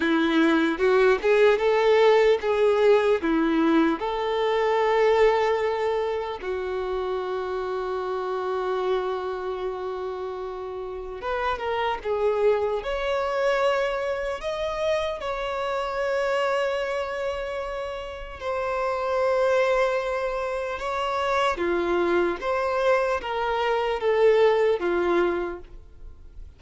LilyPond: \new Staff \with { instrumentName = "violin" } { \time 4/4 \tempo 4 = 75 e'4 fis'8 gis'8 a'4 gis'4 | e'4 a'2. | fis'1~ | fis'2 b'8 ais'8 gis'4 |
cis''2 dis''4 cis''4~ | cis''2. c''4~ | c''2 cis''4 f'4 | c''4 ais'4 a'4 f'4 | }